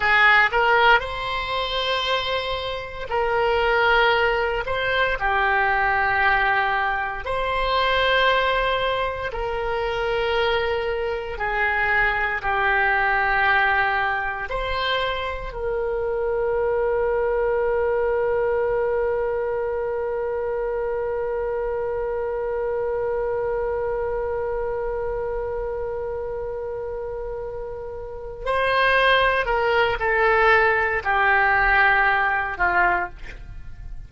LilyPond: \new Staff \with { instrumentName = "oboe" } { \time 4/4 \tempo 4 = 58 gis'8 ais'8 c''2 ais'4~ | ais'8 c''8 g'2 c''4~ | c''4 ais'2 gis'4 | g'2 c''4 ais'4~ |
ais'1~ | ais'1~ | ais'2.~ ais'8 c''8~ | c''8 ais'8 a'4 g'4. f'8 | }